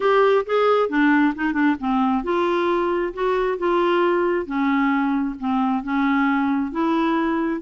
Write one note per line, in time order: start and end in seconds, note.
0.00 0.45 G4
0.46 0.89 G#4
0.89 1.33 D4
1.35 1.53 D#4
1.53 1.75 D4
1.79 2.23 C4
2.23 3.13 F4
3.13 3.58 F#4
3.58 4.46 F4
4.46 5.35 C#4
5.39 5.83 C4
5.83 6.71 C#4
6.71 7.61 E4